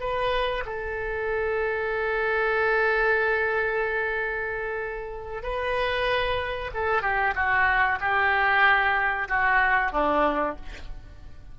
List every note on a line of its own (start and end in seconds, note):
0.00 0.64 B4
0.66 5.43 A4
5.43 6.71 B4
6.74 7.02 A4
7.02 7.34 G4
7.35 7.99 F#4
8.00 9.28 G4
9.28 9.92 F#4
9.92 10.56 D4